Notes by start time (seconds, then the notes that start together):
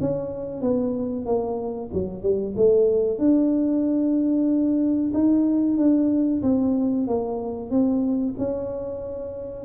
0.00 C#4
0.61 B3
1.25 A#3
1.93 F#3
2.22 G3
2.56 A3
3.18 D4
5.13 D#4
5.77 D4
6.43 C4
7.07 A#3
7.70 C4
8.38 C#4